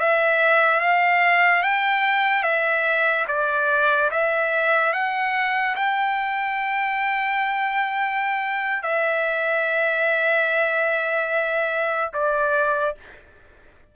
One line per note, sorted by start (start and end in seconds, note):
0.00 0.81 E5
0.81 1.63 F5
1.63 2.43 G5
2.43 3.25 E5
3.28 4.10 D5
4.11 4.93 E5
4.93 5.75 F#5
5.76 8.83 G5
8.83 12.12 E5
12.13 12.96 D5